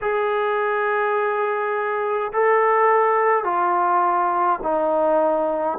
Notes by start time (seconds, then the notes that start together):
0.01 G#4
2.32 A4
3.44 F4
4.63 D#4